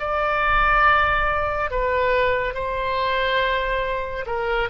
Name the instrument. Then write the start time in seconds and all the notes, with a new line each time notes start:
oboe
0.00 D5
1.71 B4
2.54 C5
4.27 A#4